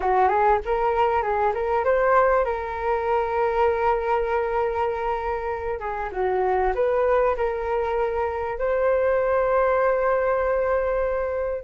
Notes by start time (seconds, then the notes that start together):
0.00 F#4
0.28 G#4
0.65 A#4
1.22 G#4
1.54 A#4
1.84 C5
2.45 A#4
5.79 G#4
6.12 F#4
6.75 B4
7.36 A#4
8.58 C5